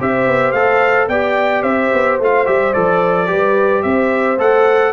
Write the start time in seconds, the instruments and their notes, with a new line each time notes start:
0.00 tuba C4, trombone G4, horn C5, trumpet E5
0.27 tuba B3
0.52 tuba A3, trombone A4, trumpet F5
1.08 tuba B3, trombone G4, horn D5, trumpet G5
1.63 tuba C4, horn C5, trumpet E5
1.93 tuba B3
2.20 tuba A3, trombone F4, trumpet F5
2.46 tuba G3, trombone G4, trumpet E5
2.74 tuba F3, trombone A4, trumpet D5
3.27 tuba G3, trombone G4, horn B4
3.82 tuba C4, horn C5, trumpet E5
4.38 tuba A3, trombone A4, trumpet F#5